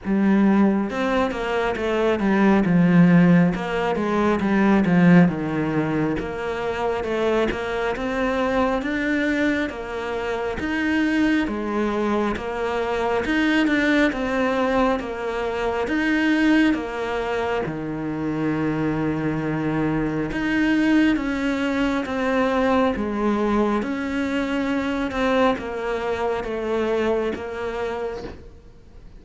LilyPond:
\new Staff \with { instrumentName = "cello" } { \time 4/4 \tempo 4 = 68 g4 c'8 ais8 a8 g8 f4 | ais8 gis8 g8 f8 dis4 ais4 | a8 ais8 c'4 d'4 ais4 | dis'4 gis4 ais4 dis'8 d'8 |
c'4 ais4 dis'4 ais4 | dis2. dis'4 | cis'4 c'4 gis4 cis'4~ | cis'8 c'8 ais4 a4 ais4 | }